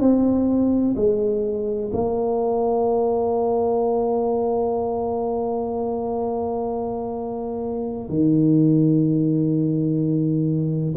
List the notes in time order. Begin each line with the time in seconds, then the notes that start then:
0.00 C4
0.96 G#3
1.94 A#3
8.10 D#3